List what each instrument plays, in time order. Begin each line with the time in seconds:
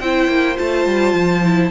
0.00 cello C4, viola E4, violin C5 G5
0.28 cello A#3
0.55 cello A3, viola F4, violin A5
0.86 cello G3
1.14 cello F3
1.43 viola E4